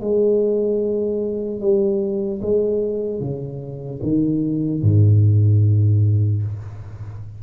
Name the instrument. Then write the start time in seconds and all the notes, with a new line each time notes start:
tuba
0.00 G#3
1.60 G3
2.41 G#3
3.20 C#3
4.03 D#3
4.82 G#2